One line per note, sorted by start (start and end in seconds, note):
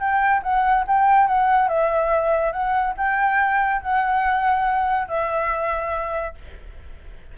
0.00 0.42 G5
0.43 0.85 F#5
0.88 1.28 G5
1.28 1.69 F#5
1.69 2.53 E5
2.53 2.95 F#5
2.98 3.82 G5
3.82 5.09 F#5
5.09 6.35 E5